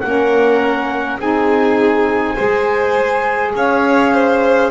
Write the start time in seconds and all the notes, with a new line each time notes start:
0.00 A#3 C#4 A#4 F#5
1.19 C4 D#4 G#4 G#5
2.34 G#3 G#4 C5
3.55 C#4 C#5 F5
4.13 C5